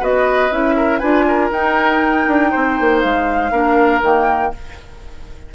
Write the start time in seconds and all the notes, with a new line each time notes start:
0.00 B3 F#4 B4 D#5
0.51 C#4 E4 E5
0.76 A#4
0.99 D4 F4 B4 G#5
1.28 A#4
1.51 D#4 G5
2.27 D4
2.51 C4 C5
2.80 A#3
3.00 G#3 F5
3.51 A#3 D4 A#4
4.02 D#3 A#3 G5